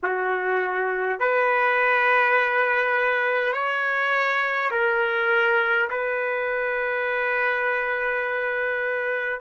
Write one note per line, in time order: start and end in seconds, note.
0.02 1.19 F#4
1.19 3.52 B4
3.52 4.70 C#5
4.71 5.88 A#4
5.90 9.40 B4